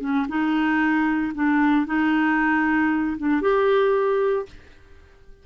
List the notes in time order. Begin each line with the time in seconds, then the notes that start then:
0.00 C#4
0.28 D#4
1.34 D4
1.86 D#4
3.18 D4
3.41 G4